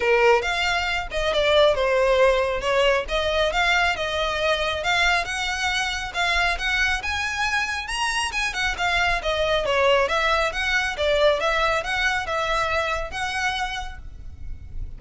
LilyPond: \new Staff \with { instrumentName = "violin" } { \time 4/4 \tempo 4 = 137 ais'4 f''4. dis''8 d''4 | c''2 cis''4 dis''4 | f''4 dis''2 f''4 | fis''2 f''4 fis''4 |
gis''2 ais''4 gis''8 fis''8 | f''4 dis''4 cis''4 e''4 | fis''4 d''4 e''4 fis''4 | e''2 fis''2 | }